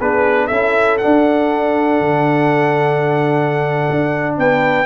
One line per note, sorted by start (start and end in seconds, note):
0.00 0.50 B3
0.00 0.51 D4
0.00 0.47 G#4
0.00 0.47 B4
0.47 1.01 C#4
0.47 1.00 E4
0.47 4.34 A4
0.47 0.97 E5
0.98 4.86 D4
0.98 4.35 F#5
1.05 2.00 D4
2.00 3.88 D3
3.90 4.38 D4
4.38 4.86 B3
4.38 4.86 B4
4.38 4.86 G5